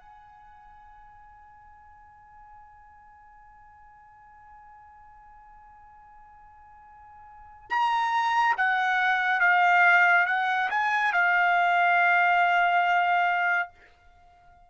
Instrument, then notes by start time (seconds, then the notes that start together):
trumpet
0.00 G#5
7.70 A#5
8.58 F#5
9.41 F5
10.27 F#5
10.70 G#5
11.13 F5